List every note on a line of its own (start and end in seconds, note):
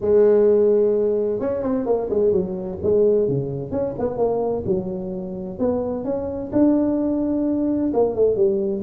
0.00 1.40 G#3
1.40 1.63 C#4
1.63 1.85 C4
1.85 2.09 A#3
2.10 2.32 G#3
2.32 2.78 F#3
2.82 3.28 G#3
3.28 3.71 C#3
3.71 3.94 C#4
3.98 4.17 B3
4.17 4.63 A#3
4.66 5.58 F#3
5.58 6.04 B3
6.04 6.51 C#4
6.52 7.92 D4
7.93 8.15 A#3
8.15 8.36 A3
8.36 8.82 G3